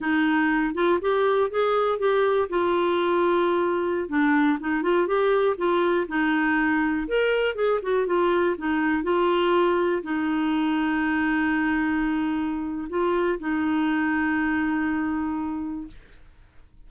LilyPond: \new Staff \with { instrumentName = "clarinet" } { \time 4/4 \tempo 4 = 121 dis'4. f'8 g'4 gis'4 | g'4 f'2.~ | f'16 d'4 dis'8 f'8 g'4 f'8.~ | f'16 dis'2 ais'4 gis'8 fis'16~ |
fis'16 f'4 dis'4 f'4.~ f'16~ | f'16 dis'2.~ dis'8.~ | dis'2 f'4 dis'4~ | dis'1 | }